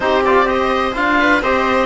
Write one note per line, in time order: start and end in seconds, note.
0.00 0.94 C4
0.00 0.23 D#4
0.00 0.47 G4
0.00 0.23 C5
0.24 0.45 F4
0.24 0.48 D5
0.45 0.93 G4
0.45 1.18 C5
0.45 0.95 D#5
0.94 1.41 D4
0.94 1.41 F4
0.94 1.42 F5
1.19 1.43 B4
1.41 1.86 C4
1.41 1.86 G4
1.41 1.86 C5
1.41 1.86 D#5